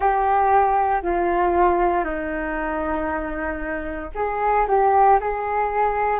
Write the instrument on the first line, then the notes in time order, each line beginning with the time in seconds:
flute
0.00 G4
1.02 F4
2.04 D#4
4.14 G#4
4.67 G4
5.20 G#4